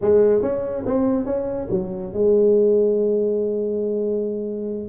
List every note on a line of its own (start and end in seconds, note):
0.01 0.42 G#3
0.42 0.84 C#4
0.85 1.25 C4
1.25 1.68 C#4
1.70 2.13 F#3
2.13 4.89 G#3